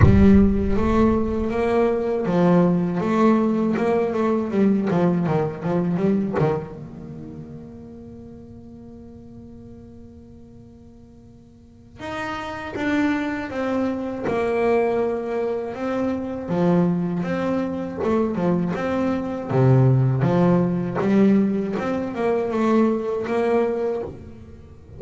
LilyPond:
\new Staff \with { instrumentName = "double bass" } { \time 4/4 \tempo 4 = 80 g4 a4 ais4 f4 | a4 ais8 a8 g8 f8 dis8 f8 | g8 dis8 ais2.~ | ais1 |
dis'4 d'4 c'4 ais4~ | ais4 c'4 f4 c'4 | a8 f8 c'4 c4 f4 | g4 c'8 ais8 a4 ais4 | }